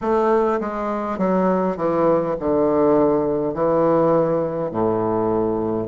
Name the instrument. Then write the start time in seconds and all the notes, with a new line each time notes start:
bassoon
0.01 A3
0.60 G#3
1.18 F#3
1.76 E3
2.39 D3
3.53 E3
4.71 A2